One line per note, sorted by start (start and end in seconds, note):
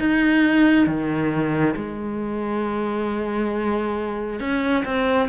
0.00 0.87 D#4
0.87 1.75 D#3
1.76 4.40 G#3
4.40 4.84 C#4
4.85 5.29 C4